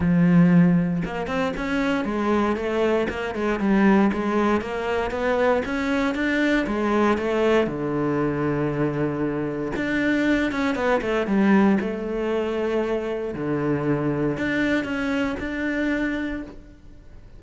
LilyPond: \new Staff \with { instrumentName = "cello" } { \time 4/4 \tempo 4 = 117 f2 ais8 c'8 cis'4 | gis4 a4 ais8 gis8 g4 | gis4 ais4 b4 cis'4 | d'4 gis4 a4 d4~ |
d2. d'4~ | d'8 cis'8 b8 a8 g4 a4~ | a2 d2 | d'4 cis'4 d'2 | }